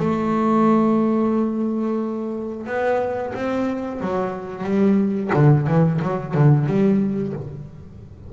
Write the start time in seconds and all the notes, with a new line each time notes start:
0.00 A3
2.67 B3
3.34 C4
4.01 F#3
4.64 G3
5.34 D3
5.67 E3
6.02 F#3
6.34 D3
6.66 G3